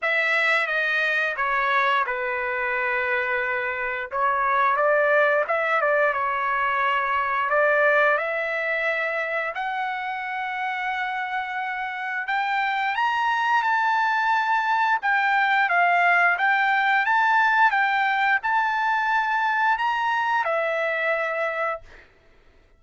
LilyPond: \new Staff \with { instrumentName = "trumpet" } { \time 4/4 \tempo 4 = 88 e''4 dis''4 cis''4 b'4~ | b'2 cis''4 d''4 | e''8 d''8 cis''2 d''4 | e''2 fis''2~ |
fis''2 g''4 ais''4 | a''2 g''4 f''4 | g''4 a''4 g''4 a''4~ | a''4 ais''4 e''2 | }